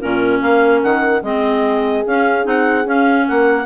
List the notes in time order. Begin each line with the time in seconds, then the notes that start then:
0.00 A#2 C#4 F4 A#4
0.42 A#3 A#4 F5
0.83 D#3 F#5
1.23 G#3 C4 G#4 D#5
2.07 C#4 F5
2.44 C4 D#4 F#5
2.86 C#4 F5
3.28 A#3 A#4 F#5